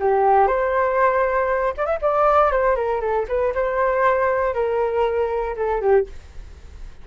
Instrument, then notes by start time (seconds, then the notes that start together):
flute
0.00 G4
0.47 C5
1.77 D5
1.85 E5
2.02 D5
2.51 C5
2.76 A#4
3.00 A4
3.28 B4
3.54 C5
4.54 A#4
5.56 A4
5.81 G4